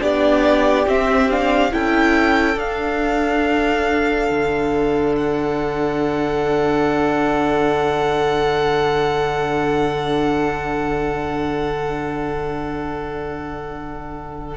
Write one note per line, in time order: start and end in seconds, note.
0.00 0.87 B3
0.00 0.86 D4
0.00 1.73 G4
0.00 0.89 D5
0.87 1.73 C4
0.87 1.31 C4
0.87 1.31 E5
1.31 1.71 D4
1.31 1.74 F5
1.71 2.57 C#4
1.71 2.57 E4
1.71 14.57 A4
1.71 2.59 G5
2.57 4.28 D4
2.57 14.57 D4
2.57 5.16 F5
4.31 14.57 D3
5.16 14.57 F#5